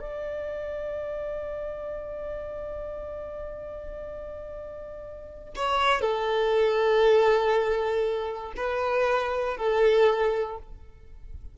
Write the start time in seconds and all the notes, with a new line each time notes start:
0.00 D5
5.56 C#5
6.02 A4
8.57 B4
9.58 A4